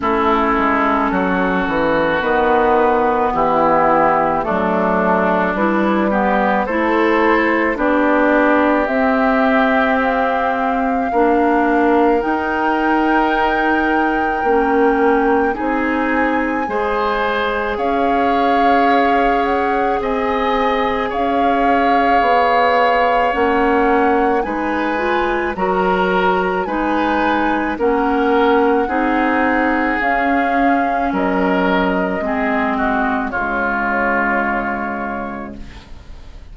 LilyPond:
<<
  \new Staff \with { instrumentName = "flute" } { \time 4/4 \tempo 4 = 54 a'2 b'4 g'4 | a'4 b'4 c''4 d''4 | e''4 f''2 g''4~ | g''2 gis''2 |
f''4. fis''8 gis''4 f''4~ | f''4 fis''4 gis''4 ais''4 | gis''4 fis''2 f''4 | dis''2 cis''2 | }
  \new Staff \with { instrumentName = "oboe" } { \time 4/4 e'4 fis'2 e'4 | d'4. g'8 a'4 g'4~ | g'2 ais'2~ | ais'2 gis'4 c''4 |
cis''2 dis''4 cis''4~ | cis''2 b'4 ais'4 | b'4 ais'4 gis'2 | ais'4 gis'8 fis'8 f'2 | }
  \new Staff \with { instrumentName = "clarinet" } { \time 4/4 cis'2 b2 | a4 e'8 b8 e'4 d'4 | c'2 d'4 dis'4~ | dis'4 cis'4 dis'4 gis'4~ |
gis'1~ | gis'4 cis'4 dis'8 f'8 fis'4 | dis'4 cis'4 dis'4 cis'4~ | cis'4 c'4 gis2 | }
  \new Staff \with { instrumentName = "bassoon" } { \time 4/4 a8 gis8 fis8 e8 dis4 e4 | fis4 g4 a4 b4 | c'2 ais4 dis'4~ | dis'4 ais4 c'4 gis4 |
cis'2 c'4 cis'4 | b4 ais4 gis4 fis4 | gis4 ais4 c'4 cis'4 | fis4 gis4 cis2 | }
>>